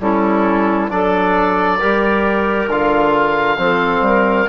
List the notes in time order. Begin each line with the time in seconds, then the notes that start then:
0.00 G3 C#4 E4 A4
0.89 F#3 D4 A4 D5
1.79 G3 G4 A#4
2.67 D3 F4 F5
3.58 F3 C4 A4
4.01 G3 A#4